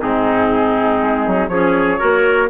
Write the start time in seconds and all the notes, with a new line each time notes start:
0.00 G#2 C4 D#4 G#4
1.03 G#3
1.27 F#3
1.49 F3 C#4 G#4 C#5
1.99 A#3 F#4 A#4